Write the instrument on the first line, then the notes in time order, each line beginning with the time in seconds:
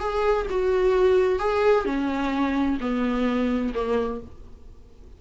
viola
0.00 G#4
0.50 F#4
1.39 G#4
1.85 C#4
2.81 B3
3.75 A#3